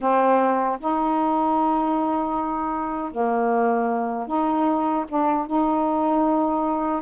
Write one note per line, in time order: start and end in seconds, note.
0.00 0.78 C4
0.79 3.11 D#4
3.11 4.27 A#3
4.27 5.05 D#4
5.08 5.46 D4
5.46 7.01 D#4